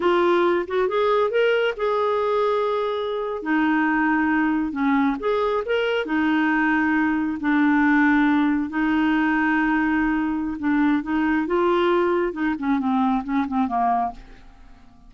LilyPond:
\new Staff \with { instrumentName = "clarinet" } { \time 4/4 \tempo 4 = 136 f'4. fis'8 gis'4 ais'4 | gis'2.~ gis'8. dis'16~ | dis'2~ dis'8. cis'4 gis'16~ | gis'8. ais'4 dis'2~ dis'16~ |
dis'8. d'2. dis'16~ | dis'1 | d'4 dis'4 f'2 | dis'8 cis'8 c'4 cis'8 c'8 ais4 | }